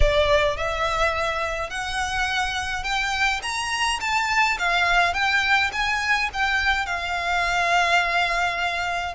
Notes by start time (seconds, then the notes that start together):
0.00 D5
0.57 E5
1.70 F#5
2.83 G5
3.42 A#5
4.00 A5
4.58 F5
5.13 G5
5.72 G#5
6.33 G5
6.85 F5